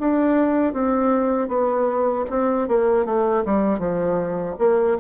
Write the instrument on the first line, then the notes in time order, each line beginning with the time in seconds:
bassoon
0.00 D4
0.74 C4
1.48 B3
2.30 C4
2.69 A#3
3.06 A3
3.46 G3
3.79 F3
4.59 A#3